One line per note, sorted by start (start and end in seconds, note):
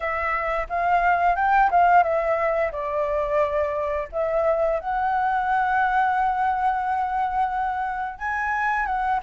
0.00 0.67 E5
0.69 1.35 F5
1.35 1.70 G5
1.70 2.03 F5
2.03 2.71 E5
2.71 4.08 D5
4.12 4.80 E5
4.80 8.18 F#5
8.18 8.85 G#5
8.85 9.20 F#5